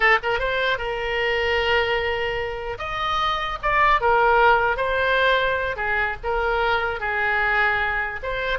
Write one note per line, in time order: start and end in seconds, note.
0.00 0.18 A4
0.23 0.39 A#4
0.39 0.78 C5
0.78 2.78 A#4
2.78 3.58 D#5
3.62 4.01 D5
4.01 4.76 A#4
4.76 5.76 C5
5.76 6.16 G#4
6.23 6.99 A#4
6.99 8.19 G#4
8.22 8.58 C5